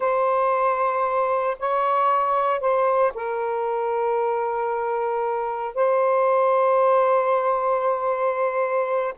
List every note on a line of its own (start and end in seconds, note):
0.00 1.57 C5
1.59 2.60 C#5
2.60 3.12 C5
3.14 5.74 A#4
5.74 9.14 C5